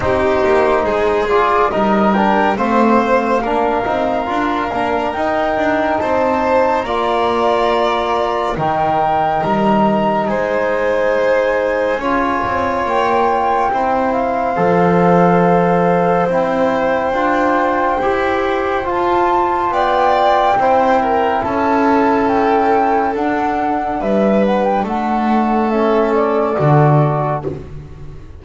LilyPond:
<<
  \new Staff \with { instrumentName = "flute" } { \time 4/4 \tempo 4 = 70 c''4. d''8 dis''8 g''8 f''4~ | f''2 g''4 a''4 | ais''2 g''4 ais''4 | gis''2. g''4~ |
g''8 f''2~ f''8 g''4~ | g''2 a''4 g''4~ | g''4 a''4 g''4 fis''4 | e''8 fis''16 g''16 fis''4 e''8 d''4. | }
  \new Staff \with { instrumentName = "violin" } { \time 4/4 g'4 gis'4 ais'4 c''4 | ais'2. c''4 | d''2 ais'2 | c''2 cis''2 |
c''1~ | c''2. d''4 | c''8 ais'8 a'2. | b'4 a'2. | }
  \new Staff \with { instrumentName = "trombone" } { \time 4/4 dis'4. f'8 dis'8 d'8 c'4 | d'8 dis'8 f'8 d'8 dis'2 | f'2 dis'2~ | dis'2 f'2 |
e'4 a'2 e'4 | f'4 g'4 f'2 | e'2. d'4~ | d'2 cis'4 fis'4 | }
  \new Staff \with { instrumentName = "double bass" } { \time 4/4 c'8 ais8 gis4 g4 a4 | ais8 c'8 d'8 ais8 dis'8 d'8 c'4 | ais2 dis4 g4 | gis2 cis'8 c'8 ais4 |
c'4 f2 c'4 | d'4 e'4 f'4 b4 | c'4 cis'2 d'4 | g4 a2 d4 | }
>>